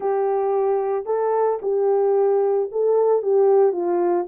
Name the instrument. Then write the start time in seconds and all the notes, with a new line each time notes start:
horn
0.00 G4
1.05 A4
1.61 G4
2.71 A4
3.22 G4
3.72 F4